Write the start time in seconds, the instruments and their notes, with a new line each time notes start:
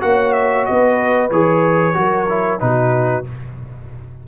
0.00 tuba A#3, trombone F#4, horn C#5, trumpet F#5
0.33 trumpet E5
0.65 tuba B3, horn B4, trumpet D#5
1.31 tuba E3, trombone G#4, trumpet C#5
1.94 tuba F#3, trombone F#4, horn A#4
2.29 trombone E4
2.59 tuba B2, trombone D#4, horn F#4, trumpet B4